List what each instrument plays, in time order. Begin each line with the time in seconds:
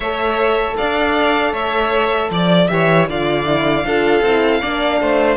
0.00 cello A3, horn A4, violin C#5 E5
0.77 cello D4, violin D5 F5
1.52 cello A3, violin C#5 E5
2.30 cello F3, violin D5
2.67 cello E3, horn G4, violin C#5 E5
3.08 cello D3, horn F4, violin D5 F5
3.45 horn E4
3.84 cello D4, horn F4, violin A4
4.21 cello C4, horn E4
4.60 cello A#3, horn D4, violin D5
5.01 cello A3, violin C5